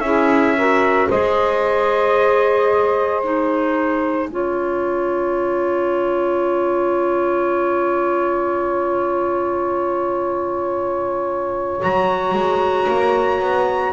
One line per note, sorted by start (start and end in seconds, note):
0.00 1.07 C#4
0.00 0.57 E4
0.00 0.56 G#4
0.00 1.07 E5
0.56 1.11 F#4
0.56 1.08 A#4
1.08 4.29 G#3
1.08 3.23 G#4
1.08 4.29 C5
1.08 3.23 D#5
3.23 4.31 D#4
3.23 11.80 G#5
4.29 11.79 C#4
4.29 11.81 F4
4.29 13.93 C#5
11.81 12.34 F#3
11.81 13.93 F#4
11.81 13.93 A#5
12.34 12.87 G#3
12.88 13.40 A#3
13.40 13.93 B3